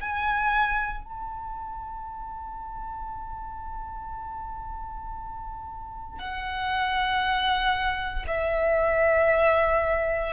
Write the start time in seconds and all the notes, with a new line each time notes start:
0.00 G#5
1.03 A5
6.18 F#5
8.27 E5